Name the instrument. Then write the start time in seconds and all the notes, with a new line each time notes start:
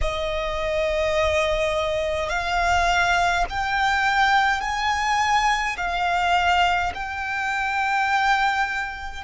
violin
0.01 D#5
2.29 F5
3.49 G5
4.60 G#5
5.77 F5
6.94 G5